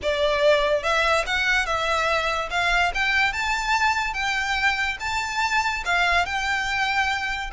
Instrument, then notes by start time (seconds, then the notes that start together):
violin
0.02 D5
0.83 E5
1.26 F#5
1.66 E5
2.50 F5
2.94 G5
3.33 A5
4.13 G5
5.00 A5
5.85 F5
6.25 G5